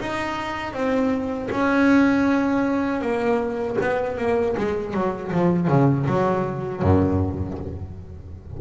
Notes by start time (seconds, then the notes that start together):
0.00 D#4
0.73 C4
1.51 C#4
3.01 A#3
3.81 B3
4.17 A#3
4.57 G#3
4.93 F#3
5.32 F3
5.68 C#3
6.07 F#3
6.83 F#2